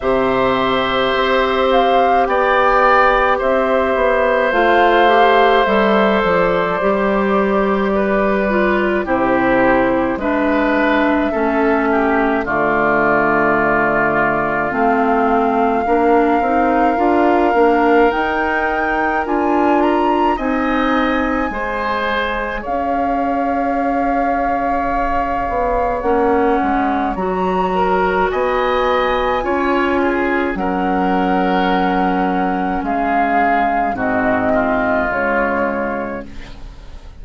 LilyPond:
<<
  \new Staff \with { instrumentName = "flute" } { \time 4/4 \tempo 4 = 53 e''4. f''8 g''4 e''4 | f''4 e''8 d''2~ d''8 | c''4 e''2 d''4~ | d''4 f''2. |
g''4 gis''8 ais''8 gis''2 | f''2. fis''4 | ais''4 gis''2 fis''4~ | fis''4 f''4 dis''4 cis''4 | }
  \new Staff \with { instrumentName = "oboe" } { \time 4/4 c''2 d''4 c''4~ | c''2. b'4 | g'4 b'4 a'8 g'8 f'4~ | f'2 ais'2~ |
ais'2 dis''4 c''4 | cis''1~ | cis''8 ais'8 dis''4 cis''8 gis'8 ais'4~ | ais'4 gis'4 fis'8 f'4. | }
  \new Staff \with { instrumentName = "clarinet" } { \time 4/4 g'1 | f'8 g'8 a'4 g'4. f'8 | e'4 d'4 cis'4 a4~ | a4 c'4 d'8 dis'8 f'8 d'8 |
dis'4 f'4 dis'4 gis'4~ | gis'2. cis'4 | fis'2 f'4 cis'4~ | cis'2 c'4 gis4 | }
  \new Staff \with { instrumentName = "bassoon" } { \time 4/4 c4 c'4 b4 c'8 b8 | a4 g8 f8 g2 | c4 gis4 a4 d4~ | d4 a4 ais8 c'8 d'8 ais8 |
dis'4 d'4 c'4 gis4 | cis'2~ cis'8 b8 ais8 gis8 | fis4 b4 cis'4 fis4~ | fis4 gis4 gis,4 cis4 | }
>>